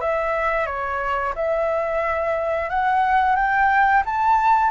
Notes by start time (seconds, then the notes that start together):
0.00 E5
0.66 C#5
1.35 E5
2.69 F#5
3.35 G5
4.05 A5